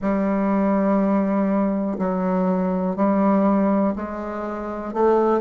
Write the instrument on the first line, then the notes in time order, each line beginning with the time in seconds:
bassoon
0.01 G3
1.98 F#3
2.96 G3
3.95 G#3
4.93 A3